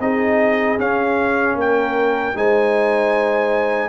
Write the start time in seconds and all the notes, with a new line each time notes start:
0.00 C4 D#4 G#4 D#5
0.79 C#4 F5
1.55 A#3 A#4 G5
2.35 G#3 D#4 C5 G#5